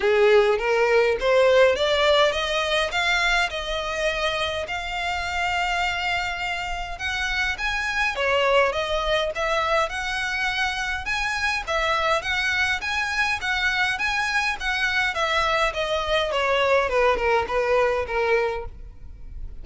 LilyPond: \new Staff \with { instrumentName = "violin" } { \time 4/4 \tempo 4 = 103 gis'4 ais'4 c''4 d''4 | dis''4 f''4 dis''2 | f''1 | fis''4 gis''4 cis''4 dis''4 |
e''4 fis''2 gis''4 | e''4 fis''4 gis''4 fis''4 | gis''4 fis''4 e''4 dis''4 | cis''4 b'8 ais'8 b'4 ais'4 | }